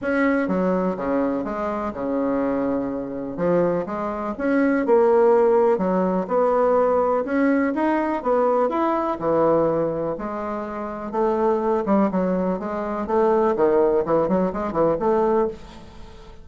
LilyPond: \new Staff \with { instrumentName = "bassoon" } { \time 4/4 \tempo 4 = 124 cis'4 fis4 cis4 gis4 | cis2. f4 | gis4 cis'4 ais2 | fis4 b2 cis'4 |
dis'4 b4 e'4 e4~ | e4 gis2 a4~ | a8 g8 fis4 gis4 a4 | dis4 e8 fis8 gis8 e8 a4 | }